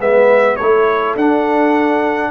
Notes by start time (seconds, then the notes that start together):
0.00 G#3 B3 B4 E5
0.57 A3 E4 A4 C#5
1.16 D4 F#5